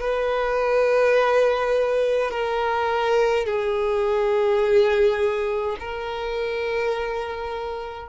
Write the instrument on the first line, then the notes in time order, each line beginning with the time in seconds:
violin
0.00 B4
2.31 A#4
3.46 G#4
5.80 A#4